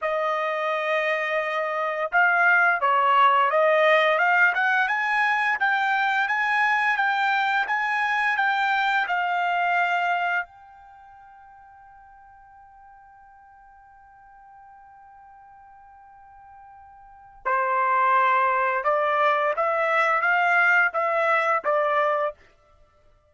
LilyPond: \new Staff \with { instrumentName = "trumpet" } { \time 4/4 \tempo 4 = 86 dis''2. f''4 | cis''4 dis''4 f''8 fis''8 gis''4 | g''4 gis''4 g''4 gis''4 | g''4 f''2 g''4~ |
g''1~ | g''1~ | g''4 c''2 d''4 | e''4 f''4 e''4 d''4 | }